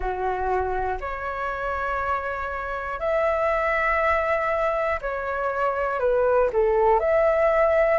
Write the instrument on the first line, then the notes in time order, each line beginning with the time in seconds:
flute
0.00 F#4
1.00 C#5
3.00 E5
5.01 C#5
6.00 B4
6.52 A4
7.00 E5